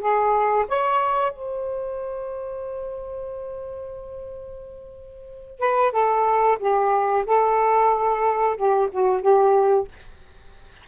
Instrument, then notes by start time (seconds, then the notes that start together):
saxophone
0.00 G#4
0.69 C#5
1.32 C5
5.59 B4
5.92 A4
6.59 G4
7.26 A4
8.57 G4
8.91 F#4
9.22 G4